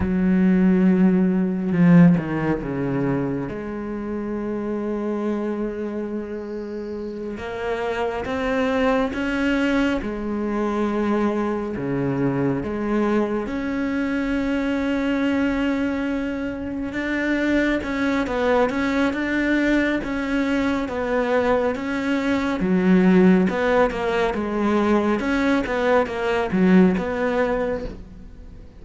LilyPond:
\new Staff \with { instrumentName = "cello" } { \time 4/4 \tempo 4 = 69 fis2 f8 dis8 cis4 | gis1~ | gis8 ais4 c'4 cis'4 gis8~ | gis4. cis4 gis4 cis'8~ |
cis'2.~ cis'8 d'8~ | d'8 cis'8 b8 cis'8 d'4 cis'4 | b4 cis'4 fis4 b8 ais8 | gis4 cis'8 b8 ais8 fis8 b4 | }